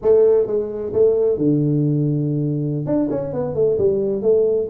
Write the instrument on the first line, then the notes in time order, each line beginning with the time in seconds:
tuba
0.02 A3
0.47 G#3
0.93 A3
1.37 D3
2.85 D4
3.10 C#4
3.33 B3
3.54 A3
3.77 G3
4.22 A3